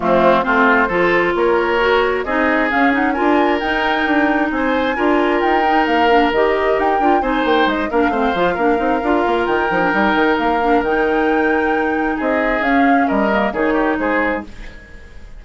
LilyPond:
<<
  \new Staff \with { instrumentName = "flute" } { \time 4/4 \tempo 4 = 133 f'4 c''2 cis''4~ | cis''4 dis''4 f''8 fis''8 gis''4 | g''2 gis''2 | g''4 f''4 dis''4 g''4 |
gis''8 g''8 dis''8 f''2~ f''8~ | f''4 g''2 f''4 | g''2. dis''4 | f''4 dis''4 cis''4 c''4 | }
  \new Staff \with { instrumentName = "oboe" } { \time 4/4 c'4 f'4 a'4 ais'4~ | ais'4 gis'2 ais'4~ | ais'2 c''4 ais'4~ | ais'1 |
c''4. ais'8 c''4 ais'4~ | ais'1~ | ais'2. gis'4~ | gis'4 ais'4 gis'8 g'8 gis'4 | }
  \new Staff \with { instrumentName = "clarinet" } { \time 4/4 a4 c'4 f'2 | fis'4 dis'4 cis'8 dis'8 f'4 | dis'2. f'4~ | f'8 dis'4 d'8 g'4. f'8 |
dis'4. d'8 c'8 f'8 d'8 dis'8 | f'4. dis'16 d'16 dis'4. d'8 | dis'1 | cis'4. ais8 dis'2 | }
  \new Staff \with { instrumentName = "bassoon" } { \time 4/4 f4 a4 f4 ais4~ | ais4 c'4 cis'4 d'4 | dis'4 d'4 c'4 d'4 | dis'4 ais4 dis4 dis'8 d'8 |
c'8 ais8 gis8 ais8 a8 f8 ais8 c'8 | d'8 ais8 dis8 f8 g8 dis8 ais4 | dis2. c'4 | cis'4 g4 dis4 gis4 | }
>>